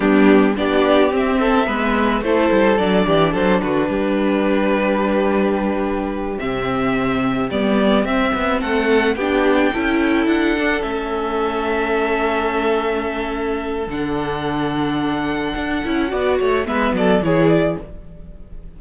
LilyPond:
<<
  \new Staff \with { instrumentName = "violin" } { \time 4/4 \tempo 4 = 108 g'4 d''4 e''2 | c''4 d''4 c''8 b'4.~ | b'2.~ b'8 e''8~ | e''4. d''4 e''4 fis''8~ |
fis''8 g''2 fis''4 e''8~ | e''1~ | e''4 fis''2.~ | fis''2 e''8 d''8 cis''8 d''8 | }
  \new Staff \with { instrumentName = "violin" } { \time 4/4 d'4 g'4. a'8 b'4 | a'4. g'8 a'8 fis'8 g'4~ | g'1~ | g'2.~ g'8 a'8~ |
a'8 g'4 a'2~ a'8~ | a'1~ | a'1~ | a'4 d''8 cis''8 b'8 a'8 gis'4 | }
  \new Staff \with { instrumentName = "viola" } { \time 4/4 b4 d'4 c'4 b4 | e'4 d'2.~ | d'2.~ d'8 c'8~ | c'4. b4 c'4.~ |
c'8 d'4 e'4. d'8 cis'8~ | cis'1~ | cis'4 d'2.~ | d'8 e'8 fis'4 b4 e'4 | }
  \new Staff \with { instrumentName = "cello" } { \time 4/4 g4 b4 c'4 gis4 | a8 g8 fis8 e8 fis8 d8 g4~ | g2.~ g8 c8~ | c4. g4 c'8 b8 a8~ |
a8 b4 cis'4 d'4 a8~ | a1~ | a4 d2. | d'8 cis'8 b8 a8 gis8 fis8 e4 | }
>>